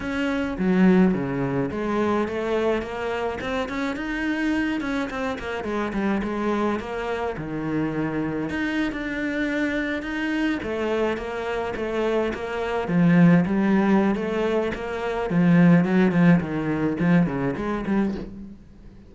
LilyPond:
\new Staff \with { instrumentName = "cello" } { \time 4/4 \tempo 4 = 106 cis'4 fis4 cis4 gis4 | a4 ais4 c'8 cis'8 dis'4~ | dis'8 cis'8 c'8 ais8 gis8 g8 gis4 | ais4 dis2 dis'8. d'16~ |
d'4.~ d'16 dis'4 a4 ais16~ | ais8. a4 ais4 f4 g16~ | g4 a4 ais4 f4 | fis8 f8 dis4 f8 cis8 gis8 g8 | }